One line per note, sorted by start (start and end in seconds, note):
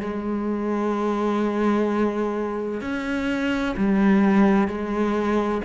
0.00 2.81 G#3
2.81 3.75 C#4
3.77 4.67 G3
4.67 5.61 G#3